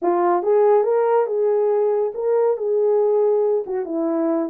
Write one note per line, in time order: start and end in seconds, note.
0.01 0.43 F4
0.43 0.83 G#4
0.83 1.26 A#4
1.26 2.12 G#4
2.14 2.57 A#4
2.57 3.64 G#4
3.66 3.85 F#4
3.85 4.49 E4